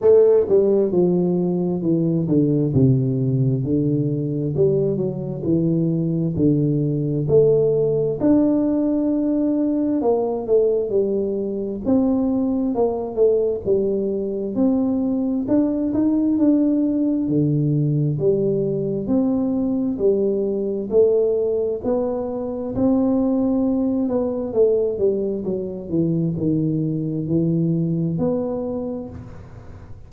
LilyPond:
\new Staff \with { instrumentName = "tuba" } { \time 4/4 \tempo 4 = 66 a8 g8 f4 e8 d8 c4 | d4 g8 fis8 e4 d4 | a4 d'2 ais8 a8 | g4 c'4 ais8 a8 g4 |
c'4 d'8 dis'8 d'4 d4 | g4 c'4 g4 a4 | b4 c'4. b8 a8 g8 | fis8 e8 dis4 e4 b4 | }